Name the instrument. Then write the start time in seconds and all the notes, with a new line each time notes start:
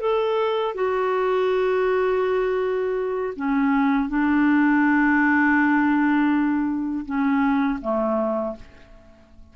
clarinet
0.00 A4
0.74 F#4
3.36 C#4
4.09 D4
7.05 C#4
7.81 A3